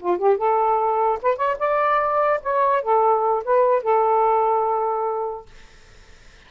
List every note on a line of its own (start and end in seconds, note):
0.00 0.18 F4
0.18 0.37 G4
0.37 1.19 A4
1.22 1.37 B4
1.37 1.57 C#5
1.59 2.41 D5
2.43 2.83 C#5
2.83 3.44 A4
3.45 3.83 B4
3.83 5.46 A4